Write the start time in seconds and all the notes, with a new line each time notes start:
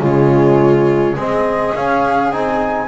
0.00 C#3 G#3 F4 C#5
1.16 G#3 C4 G#4 D#5
1.75 C#4 F5
2.32 C4 D#4 G#5